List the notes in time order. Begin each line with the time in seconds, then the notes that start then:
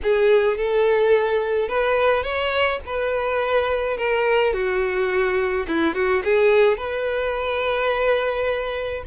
0.03 G#4
0.57 A4
1.68 B4
2.23 C#5
2.86 B4
3.97 A#4
4.53 F#4
5.67 E4
5.94 F#4
6.24 G#4
6.77 B4